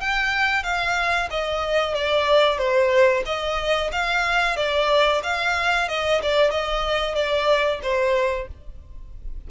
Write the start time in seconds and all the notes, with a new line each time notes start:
0.00 G5
0.63 F5
1.30 D#5
1.94 D5
2.58 C5
3.25 D#5
3.92 F5
4.56 D5
5.23 F5
5.88 D#5
6.22 D5
6.50 D#5
7.15 D5
7.82 C5